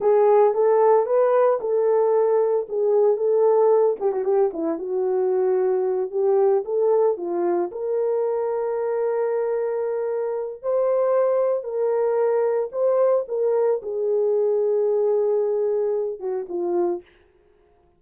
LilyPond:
\new Staff \with { instrumentName = "horn" } { \time 4/4 \tempo 4 = 113 gis'4 a'4 b'4 a'4~ | a'4 gis'4 a'4. g'16 fis'16 | g'8 e'8 fis'2~ fis'8 g'8~ | g'8 a'4 f'4 ais'4.~ |
ais'1 | c''2 ais'2 | c''4 ais'4 gis'2~ | gis'2~ gis'8 fis'8 f'4 | }